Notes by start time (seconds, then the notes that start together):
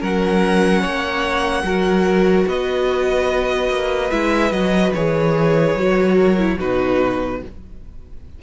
0.00 F#3 C#4 A#4 F#5
0.80 A#3 C#5
1.63 F#3 F#4 A#4
2.47 B3 B4 D#5
3.69 A#3
4.10 G#3 E4 E5
4.51 F#3 F#4 D#5
4.93 E3 G#4 C#5
5.75 F#3 F#4
6.15 A#4
6.38 E4
6.56 B2 D#4 F#4 B4